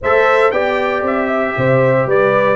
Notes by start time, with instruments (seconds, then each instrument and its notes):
0.01 tuba A3, trombone A4, horn C5, trumpet E5
0.51 tuba B3, trombone G4, horn D5, trumpet G5
1.02 tuba C4, trumpet E5
1.27 horn E5
1.57 tuba C3, horn C5
2.06 tuba G3, horn B4, trumpet D5